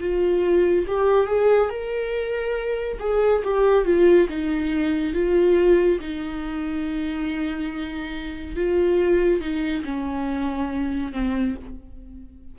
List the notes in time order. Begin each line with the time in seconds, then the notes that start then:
0.00 F4
0.87 G4
1.27 G#4
1.69 A#4
3.00 G#4
3.44 G4
3.85 F4
4.29 D#4
5.14 F4
6.00 D#4
8.56 F4
9.41 D#4
9.84 C#4
11.12 C4